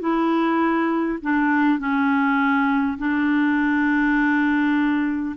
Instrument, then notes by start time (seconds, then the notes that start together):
clarinet
0.00 E4
1.22 D4
1.78 C#4
2.98 D4